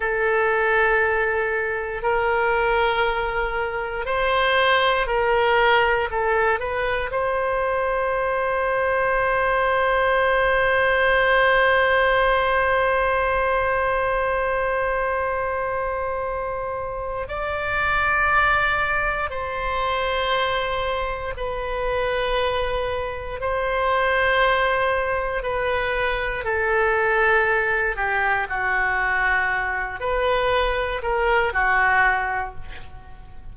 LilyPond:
\new Staff \with { instrumentName = "oboe" } { \time 4/4 \tempo 4 = 59 a'2 ais'2 | c''4 ais'4 a'8 b'8 c''4~ | c''1~ | c''1~ |
c''4 d''2 c''4~ | c''4 b'2 c''4~ | c''4 b'4 a'4. g'8 | fis'4. b'4 ais'8 fis'4 | }